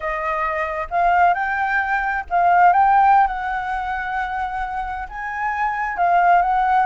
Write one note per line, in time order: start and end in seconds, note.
0.00 0.87 D#5
0.90 1.34 F5
1.34 2.24 G5
2.30 2.72 F5
2.72 3.27 G5
3.27 5.08 F#5
5.09 5.97 G#5
5.97 6.42 F5
6.42 6.86 F#5